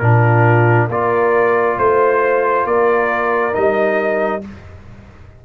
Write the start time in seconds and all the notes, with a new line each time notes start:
0.00 A#2 D4 F4 A#4
0.88 A#3 F4 A#4 D5
1.78 A3 C5
2.66 A#3 A#4 D5
3.53 G3 D#4 D#5